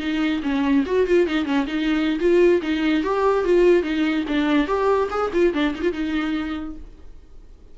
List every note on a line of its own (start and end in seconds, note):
0.00 0.42 D#4
0.43 0.85 C#4
0.86 1.07 F#4
1.07 1.27 F4
1.27 1.45 D#4
1.45 1.66 C#4
1.67 2.19 D#4
2.20 2.62 F4
2.62 3.03 D#4
3.03 3.45 G4
3.45 3.83 F4
3.83 4.25 D#4
4.28 4.67 D4
4.67 5.09 G4
5.11 5.32 G#4
5.33 5.54 F4
5.54 5.75 D4
5.75 5.82 D#4
5.82 5.93 F4
5.93 6.76 D#4